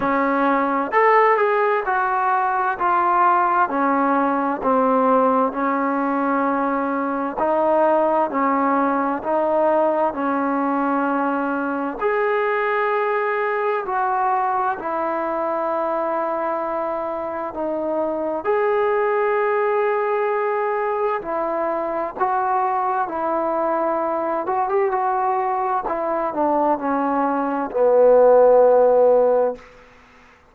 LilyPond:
\new Staff \with { instrumentName = "trombone" } { \time 4/4 \tempo 4 = 65 cis'4 a'8 gis'8 fis'4 f'4 | cis'4 c'4 cis'2 | dis'4 cis'4 dis'4 cis'4~ | cis'4 gis'2 fis'4 |
e'2. dis'4 | gis'2. e'4 | fis'4 e'4. fis'16 g'16 fis'4 | e'8 d'8 cis'4 b2 | }